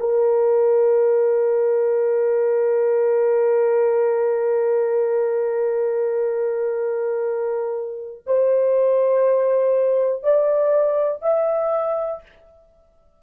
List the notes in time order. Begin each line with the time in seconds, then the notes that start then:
0.00 A#4
8.27 C5
10.23 D5
11.23 E5